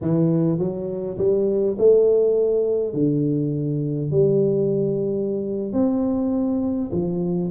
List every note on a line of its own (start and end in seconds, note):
0.01 0.58 E3
0.58 1.17 F#3
1.18 1.76 G3
1.78 2.93 A3
2.93 4.10 D3
4.10 5.72 G3
5.72 6.90 C4
6.92 7.51 F3